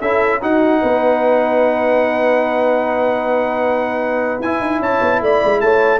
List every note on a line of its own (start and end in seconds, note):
0.00 0.41 C#4
0.00 0.41 E4
0.00 0.40 A4
0.00 0.40 E5
0.41 0.81 D#4
0.41 4.41 D#4
0.41 0.81 F#4
0.41 4.41 F#5
0.81 4.40 B3
0.81 4.81 B4
4.40 4.60 E4
4.40 5.99 E4
4.40 4.81 G#5
4.60 4.79 D#4
4.79 4.99 C#4
4.79 5.21 C#5
4.79 5.22 A5
5.00 5.21 B3
5.21 5.41 A3
5.21 5.62 D5
5.21 5.60 B5
5.44 5.62 G#3
5.60 5.99 A3
5.60 5.99 C#5
5.60 5.99 A5